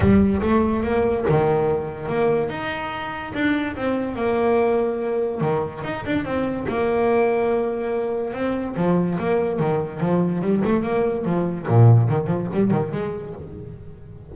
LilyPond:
\new Staff \with { instrumentName = "double bass" } { \time 4/4 \tempo 4 = 144 g4 a4 ais4 dis4~ | dis4 ais4 dis'2 | d'4 c'4 ais2~ | ais4 dis4 dis'8 d'8 c'4 |
ais1 | c'4 f4 ais4 dis4 | f4 g8 a8 ais4 f4 | ais,4 dis8 f8 g8 dis8 gis4 | }